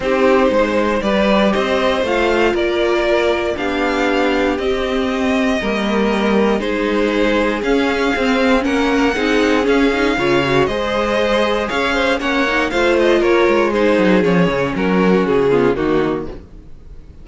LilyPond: <<
  \new Staff \with { instrumentName = "violin" } { \time 4/4 \tempo 4 = 118 c''2 d''4 dis''4 | f''4 d''2 f''4~ | f''4 dis''2.~ | dis''4 c''2 f''4~ |
f''4 fis''2 f''4~ | f''4 dis''2 f''4 | fis''4 f''8 dis''8 cis''4 c''4 | cis''4 ais'4 gis'4 fis'4 | }
  \new Staff \with { instrumentName = "violin" } { \time 4/4 g'4 c''4 b'4 c''4~ | c''4 ais'2 g'4~ | g'2. ais'4~ | ais'4 gis'2.~ |
gis'4 ais'4 gis'2 | cis''4 c''2 cis''8 c''8 | cis''4 c''4 ais'4 gis'4~ | gis'4 fis'4. f'8 dis'4 | }
  \new Staff \with { instrumentName = "viola" } { \time 4/4 dis'2 g'2 | f'2. d'4~ | d'4 c'2 ais4~ | ais4 dis'2 cis'4 |
c'4 cis'4 dis'4 cis'8 dis'8 | f'8 fis'8 gis'2. | cis'8 dis'8 f'2 dis'4 | cis'2~ cis'8 b8 ais4 | }
  \new Staff \with { instrumentName = "cello" } { \time 4/4 c'4 gis4 g4 c'4 | a4 ais2 b4~ | b4 c'2 g4~ | g4 gis2 cis'4 |
c'4 ais4 c'4 cis'4 | cis4 gis2 cis'4 | ais4 a4 ais8 gis4 fis8 | f8 cis8 fis4 cis4 dis4 | }
>>